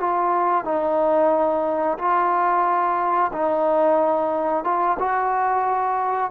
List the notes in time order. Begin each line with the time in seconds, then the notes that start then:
0.00 F4
0.65 D#4
1.98 F4
3.33 D#4
4.64 F4
4.99 F#4